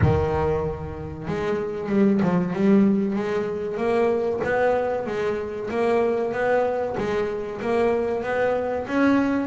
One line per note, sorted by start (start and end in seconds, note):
0.01 1.27 D#3
1.27 1.89 G#3
1.89 2.20 G3
2.22 2.53 F3
2.53 3.16 G3
3.16 3.77 G#3
3.77 4.40 A#3
4.44 5.06 B3
5.06 5.69 G#3
5.70 6.32 A#3
6.32 6.96 B3
6.97 7.60 G#3
7.61 8.23 A#3
8.23 8.86 B3
8.87 9.47 C#4